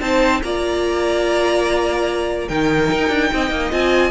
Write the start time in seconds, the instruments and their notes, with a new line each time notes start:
0.00 cello C4, viola D#4, violin C5 A5
0.42 cello A#3, viola F4, violin D5 A#5
2.48 cello D#3, viola D#4, violin A#4 G5
2.91 cello D#4
3.08 cello D4
3.33 cello C4, violin D#5
3.50 cello A#3
3.71 cello C4, viola F4, violin G#5